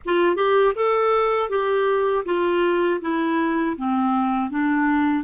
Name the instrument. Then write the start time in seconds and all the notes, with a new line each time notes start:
clarinet
0.05 F4
0.36 G4
0.75 A4
1.49 G4
2.25 F4
3.01 E4
3.77 C4
4.50 D4